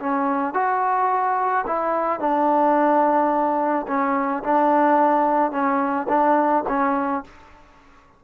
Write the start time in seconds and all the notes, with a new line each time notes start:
0.00 C#4
0.54 F#4
1.67 E4
2.20 D4
3.88 C#4
4.44 D4
5.52 C#4
6.09 D4
6.69 C#4